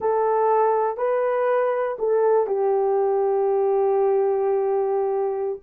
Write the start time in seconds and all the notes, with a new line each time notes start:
0.00 A4
0.97 B4
1.98 A4
2.46 G4